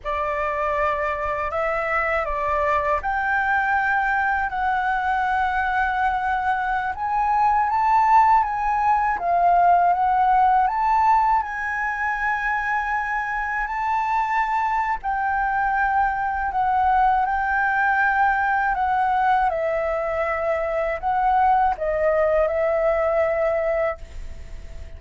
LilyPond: \new Staff \with { instrumentName = "flute" } { \time 4/4 \tempo 4 = 80 d''2 e''4 d''4 | g''2 fis''2~ | fis''4~ fis''16 gis''4 a''4 gis''8.~ | gis''16 f''4 fis''4 a''4 gis''8.~ |
gis''2~ gis''16 a''4.~ a''16 | g''2 fis''4 g''4~ | g''4 fis''4 e''2 | fis''4 dis''4 e''2 | }